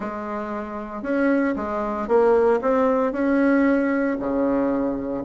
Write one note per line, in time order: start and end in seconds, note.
0.00 1.02 G#3
1.02 1.54 C#4
1.56 2.08 G#3
2.08 2.60 A#3
2.61 3.12 C4
3.12 4.16 C#4
4.19 5.23 C#3